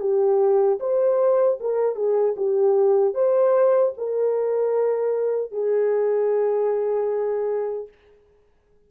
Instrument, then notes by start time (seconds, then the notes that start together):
horn
0.00 G4
0.79 C5
1.60 A#4
1.95 G#4
2.36 G4
3.14 C5
3.97 A#4
5.51 G#4